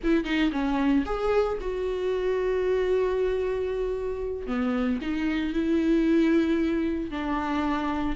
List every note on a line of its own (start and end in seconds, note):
0.03 0.24 E4
0.24 0.50 D#4
0.51 1.04 C#4
1.05 1.58 G#4
1.60 4.46 F#4
4.46 4.99 B3
5.01 5.53 D#4
5.53 7.11 E4
7.11 8.16 D4